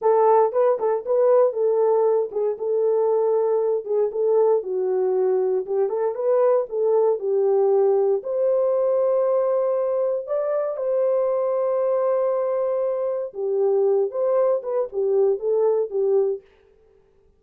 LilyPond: \new Staff \with { instrumentName = "horn" } { \time 4/4 \tempo 4 = 117 a'4 b'8 a'8 b'4 a'4~ | a'8 gis'8 a'2~ a'8 gis'8 | a'4 fis'2 g'8 a'8 | b'4 a'4 g'2 |
c''1 | d''4 c''2.~ | c''2 g'4. c''8~ | c''8 b'8 g'4 a'4 g'4 | }